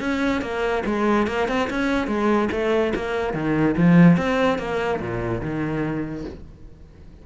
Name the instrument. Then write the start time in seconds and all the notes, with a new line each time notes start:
cello
0.00 C#4
0.41 A#3
0.86 G#3
1.27 A#3
1.48 C4
1.70 C#4
2.07 G#3
2.52 A3
2.95 A#3
3.34 D#3
3.77 F3
4.17 C4
4.58 A#3
5.00 A#2
5.41 D#3